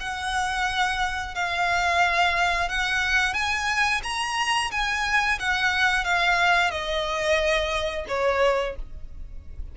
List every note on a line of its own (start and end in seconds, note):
0.00 1.35 F#5
1.35 2.69 F5
2.69 3.34 F#5
3.34 4.01 G#5
4.04 4.71 A#5
4.71 5.39 G#5
5.39 6.04 F#5
6.04 6.71 F5
6.71 8.06 D#5
8.08 8.76 C#5